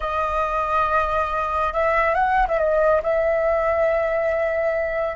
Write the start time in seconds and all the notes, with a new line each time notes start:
0.00 D#5
1.73 E5
2.14 F#5
2.48 E5
2.58 D#5
3.02 E5